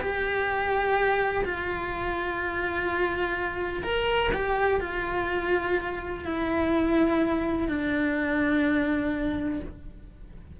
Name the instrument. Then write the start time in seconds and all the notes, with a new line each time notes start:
cello
0.00 G4
1.44 F4
3.83 A#4
4.33 G4
4.80 F4
6.24 E4
7.68 D4